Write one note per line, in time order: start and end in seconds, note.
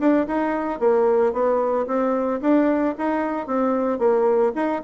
0.00 0.27 D4
0.28 0.80 D#4
0.80 1.33 A#3
1.33 1.87 B3
1.87 2.41 C4
2.42 2.95 D4
2.99 3.47 D#4
3.47 3.99 C4
3.99 4.53 A#3
4.56 4.82 D#4